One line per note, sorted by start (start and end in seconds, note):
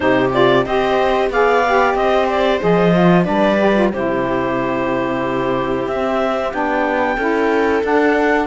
0.00 0.65 C3
0.00 0.32 D#4
0.00 0.66 G4
0.00 0.30 C5
0.32 0.65 F4
0.32 0.65 D5
0.65 1.29 C4
0.65 1.31 G4
0.65 1.31 C5
0.65 1.30 D#5
1.29 1.94 B3
1.29 1.64 G#4
1.29 1.97 D5
1.29 1.95 F5
1.66 2.59 G4
1.95 2.60 C4
1.95 3.24 C5
1.95 2.27 D#5
2.28 2.61 D5
2.59 3.27 F3
2.59 2.92 G#4
2.59 3.24 D#5
2.92 3.24 F4
3.24 3.92 G3
3.24 3.57 D4
3.24 3.90 B4
3.24 3.89 D5
3.59 3.74 G4
3.74 3.90 F4
3.92 5.87 C3
3.92 5.89 E4
3.92 7.16 G4
3.92 5.87 C5
5.87 6.52 C4
5.87 6.52 E5
6.52 7.17 B3
6.52 7.17 D4
6.52 7.83 G5
7.16 7.82 C#4
7.16 7.82 E4
7.16 8.47 A4
7.82 8.47 D4
7.82 8.47 F#5